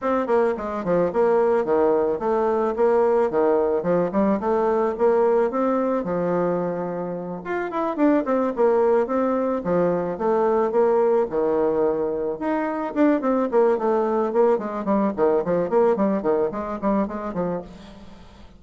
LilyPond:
\new Staff \with { instrumentName = "bassoon" } { \time 4/4 \tempo 4 = 109 c'8 ais8 gis8 f8 ais4 dis4 | a4 ais4 dis4 f8 g8 | a4 ais4 c'4 f4~ | f4. f'8 e'8 d'8 c'8 ais8~ |
ais8 c'4 f4 a4 ais8~ | ais8 dis2 dis'4 d'8 | c'8 ais8 a4 ais8 gis8 g8 dis8 | f8 ais8 g8 dis8 gis8 g8 gis8 f8 | }